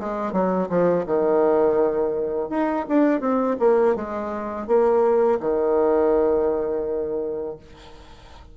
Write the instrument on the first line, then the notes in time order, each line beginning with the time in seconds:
bassoon
0.00 G#3
0.33 F#3
0.69 F3
1.06 D#3
2.50 D#4
2.89 D4
3.21 C4
3.60 A#3
3.96 G#3
4.68 A#3
5.41 D#3